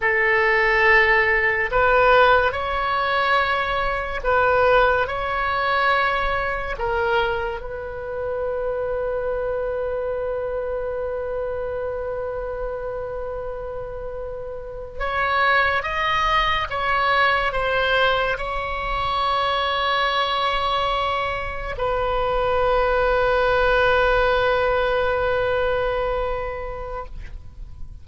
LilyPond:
\new Staff \with { instrumentName = "oboe" } { \time 4/4 \tempo 4 = 71 a'2 b'4 cis''4~ | cis''4 b'4 cis''2 | ais'4 b'2.~ | b'1~ |
b'4.~ b'16 cis''4 dis''4 cis''16~ | cis''8. c''4 cis''2~ cis''16~ | cis''4.~ cis''16 b'2~ b'16~ | b'1 | }